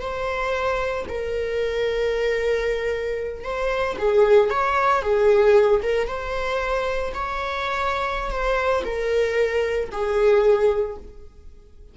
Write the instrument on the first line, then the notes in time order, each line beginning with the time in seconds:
viola
0.00 C5
1.08 A#4
3.44 C5
3.98 G#4
4.50 C#5
5.02 G#4
5.83 A#4
6.07 C5
7.14 C#5
8.31 C5
8.84 A#4
9.91 G#4